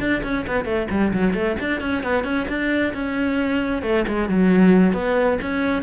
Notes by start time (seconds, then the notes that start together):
0.00 D4
0.24 C#4
0.47 B3
0.65 A3
0.91 G3
1.14 F#3
1.34 A3
1.60 D4
1.81 C#4
2.04 B3
2.25 C#4
2.49 D4
2.94 C#4
3.83 A3
4.08 G#3
4.29 F#3
4.94 B3
5.42 C#4